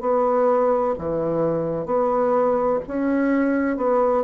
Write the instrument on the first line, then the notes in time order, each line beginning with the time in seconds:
bassoon
0.00 B3
0.98 E3
1.85 B3
2.87 C#4
3.76 B3